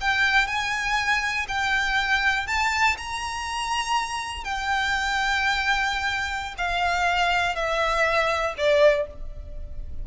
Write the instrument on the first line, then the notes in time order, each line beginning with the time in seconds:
violin
0.00 G5
0.47 G#5
1.48 G5
2.47 A5
2.97 A#5
4.44 G5
6.57 F5
7.55 E5
8.57 D5